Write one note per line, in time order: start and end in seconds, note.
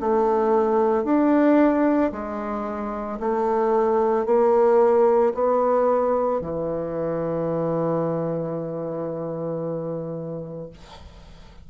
0.00 1.04 A3
1.04 2.11 D4
2.12 3.19 G#3
3.20 4.26 A3
4.26 5.33 A#3
5.34 6.41 B3
6.41 10.70 E3